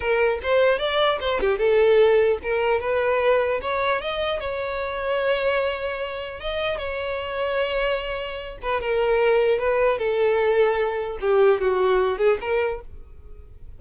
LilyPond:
\new Staff \with { instrumentName = "violin" } { \time 4/4 \tempo 4 = 150 ais'4 c''4 d''4 c''8 g'8 | a'2 ais'4 b'4~ | b'4 cis''4 dis''4 cis''4~ | cis''1 |
dis''4 cis''2.~ | cis''4. b'8 ais'2 | b'4 a'2. | g'4 fis'4. gis'8 ais'4 | }